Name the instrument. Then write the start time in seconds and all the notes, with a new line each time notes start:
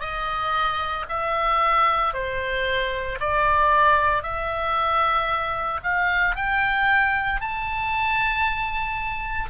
oboe
0.00 D#5
1.09 E5
2.13 C5
3.20 D5
4.22 E5
5.83 F5
6.35 G5
7.40 A5